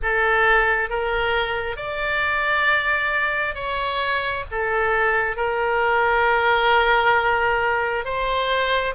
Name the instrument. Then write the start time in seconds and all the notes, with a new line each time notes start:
oboe
0.02 A4
0.90 A#4
1.76 D5
3.54 C#5
4.51 A4
5.36 A#4
8.04 C5